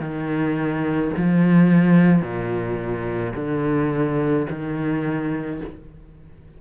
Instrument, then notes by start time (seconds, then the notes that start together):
cello
0.00 D#3
1.17 F3
2.22 A#2
3.35 D3
4.50 D#3